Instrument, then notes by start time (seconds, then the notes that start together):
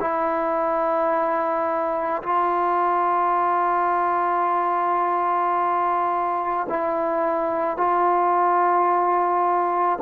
trombone
0.00 E4
2.23 F4
6.69 E4
7.77 F4